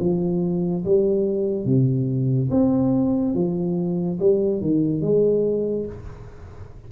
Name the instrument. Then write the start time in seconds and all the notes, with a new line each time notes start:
tuba
0.00 F3
0.85 G3
1.65 C3
2.51 C4
3.35 F3
4.20 G3
4.61 D#3
5.02 G#3